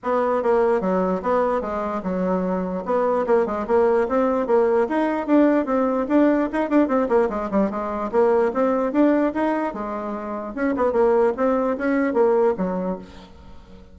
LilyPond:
\new Staff \with { instrumentName = "bassoon" } { \time 4/4 \tempo 4 = 148 b4 ais4 fis4 b4 | gis4 fis2 b4 | ais8 gis8 ais4 c'4 ais4 | dis'4 d'4 c'4 d'4 |
dis'8 d'8 c'8 ais8 gis8 g8 gis4 | ais4 c'4 d'4 dis'4 | gis2 cis'8 b8 ais4 | c'4 cis'4 ais4 fis4 | }